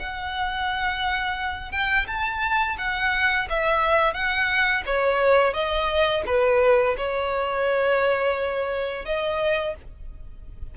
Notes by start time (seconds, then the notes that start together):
0.00 F#5
1.72 G5
2.07 A5
2.78 F#5
3.50 E5
4.14 F#5
4.86 C#5
5.54 D#5
6.26 B4
6.97 C#5
9.05 D#5